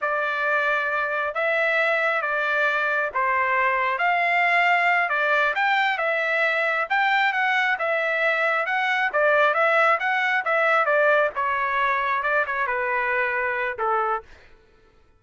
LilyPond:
\new Staff \with { instrumentName = "trumpet" } { \time 4/4 \tempo 4 = 135 d''2. e''4~ | e''4 d''2 c''4~ | c''4 f''2~ f''8 d''8~ | d''8 g''4 e''2 g''8~ |
g''8 fis''4 e''2 fis''8~ | fis''8 d''4 e''4 fis''4 e''8~ | e''8 d''4 cis''2 d''8 | cis''8 b'2~ b'8 a'4 | }